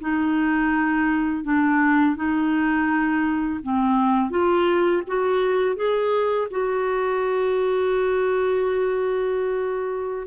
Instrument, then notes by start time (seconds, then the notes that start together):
clarinet
0.00 D#4
1.44 D4
2.16 D#4
3.63 C4
4.30 F4
5.07 F#4
5.75 G#4
6.51 F#4